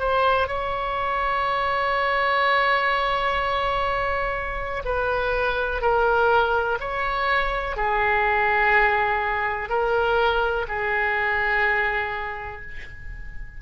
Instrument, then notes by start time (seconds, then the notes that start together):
oboe
0.00 C5
0.48 C#5
4.85 B4
5.82 A#4
6.80 C#5
7.77 G#4
9.70 A#4
10.68 G#4